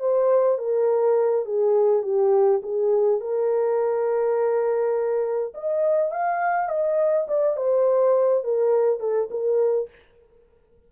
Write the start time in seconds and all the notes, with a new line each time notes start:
0.00 C5
0.58 A#4
1.45 G#4
2.03 G4
2.63 G#4
3.20 A#4
5.54 D#5
6.11 F5
6.69 D#5
7.28 D5
7.57 C5
8.44 A#4
9.00 A4
9.31 A#4